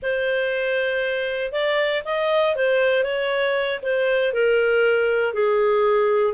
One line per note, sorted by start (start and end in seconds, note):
0.02 1.52 C5
1.52 2.02 D5
2.05 2.55 D#5
2.55 3.03 C5
3.03 3.80 C#5
3.82 4.33 C5
4.33 5.33 A#4
5.33 6.34 G#4